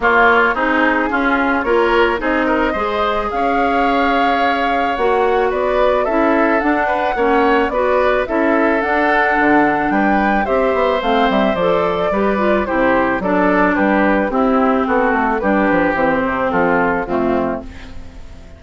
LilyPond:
<<
  \new Staff \with { instrumentName = "flute" } { \time 4/4 \tempo 4 = 109 cis''4 gis'2 cis''4 | dis''2 f''2~ | f''4 fis''4 d''4 e''4 | fis''2 d''4 e''4 |
fis''2 g''4 e''4 | f''8 e''8 d''2 c''4 | d''4 b'4 g'4 a'4 | b'4 c''4 a'4 f'4 | }
  \new Staff \with { instrumentName = "oboe" } { \time 4/4 f'4 dis'4 f'4 ais'4 | gis'8 ais'8 c''4 cis''2~ | cis''2 b'4 a'4~ | a'8 b'8 cis''4 b'4 a'4~ |
a'2 b'4 c''4~ | c''2 b'4 g'4 | a'4 g'4 e'4 fis'4 | g'2 f'4 c'4 | }
  \new Staff \with { instrumentName = "clarinet" } { \time 4/4 ais4 dis'4 cis'4 f'4 | dis'4 gis'2.~ | gis'4 fis'2 e'4 | d'4 cis'4 fis'4 e'4 |
d'2. g'4 | c'4 a'4 g'8 f'8 e'4 | d'2 c'2 | d'4 c'2 a4 | }
  \new Staff \with { instrumentName = "bassoon" } { \time 4/4 ais4 c'4 cis'4 ais4 | c'4 gis4 cis'2~ | cis'4 ais4 b4 cis'4 | d'4 ais4 b4 cis'4 |
d'4 d4 g4 c'8 b8 | a8 g8 f4 g4 c4 | fis4 g4 c'4 b8 a8 | g8 f8 e8 c8 f4 f,4 | }
>>